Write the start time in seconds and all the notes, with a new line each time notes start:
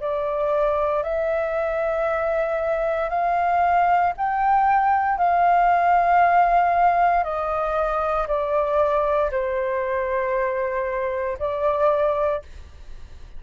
0.00 D5
1.03 E5
3.09 F5
4.17 G5
5.17 F5
7.23 D#5
8.27 D5
9.31 C5
11.38 D5